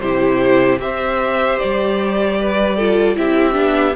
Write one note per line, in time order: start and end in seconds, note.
0.00 0.79 C3
0.00 0.80 E4
0.00 0.81 G4
0.00 0.79 C5
0.79 1.58 C4
0.79 2.78 G4
0.79 2.39 C5
0.79 1.59 E5
1.59 3.18 G3
1.59 3.17 D5
2.40 2.77 B4
2.77 3.16 F4
2.77 3.16 A4
3.16 3.56 C4
3.16 3.53 E4
3.16 3.96 G4
3.16 3.96 E5
3.53 3.96 B3
3.53 3.92 D4